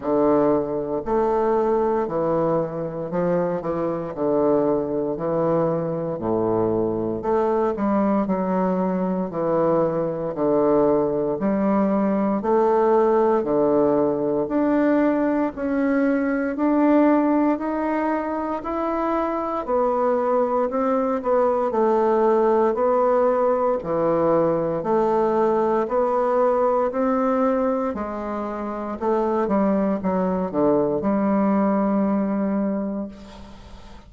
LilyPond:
\new Staff \with { instrumentName = "bassoon" } { \time 4/4 \tempo 4 = 58 d4 a4 e4 f8 e8 | d4 e4 a,4 a8 g8 | fis4 e4 d4 g4 | a4 d4 d'4 cis'4 |
d'4 dis'4 e'4 b4 | c'8 b8 a4 b4 e4 | a4 b4 c'4 gis4 | a8 g8 fis8 d8 g2 | }